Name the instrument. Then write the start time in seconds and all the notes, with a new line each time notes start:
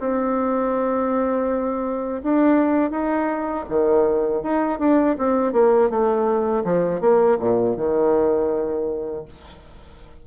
bassoon
0.00 C4
2.23 D4
2.91 D#4
3.69 D#3
4.42 D#4
4.79 D4
5.18 C4
5.53 A#3
5.90 A3
6.65 F3
7.01 A#3
7.40 A#2
7.77 D#3